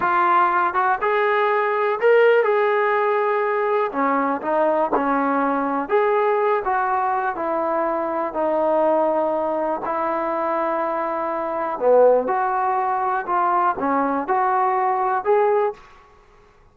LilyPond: \new Staff \with { instrumentName = "trombone" } { \time 4/4 \tempo 4 = 122 f'4. fis'8 gis'2 | ais'4 gis'2. | cis'4 dis'4 cis'2 | gis'4. fis'4. e'4~ |
e'4 dis'2. | e'1 | b4 fis'2 f'4 | cis'4 fis'2 gis'4 | }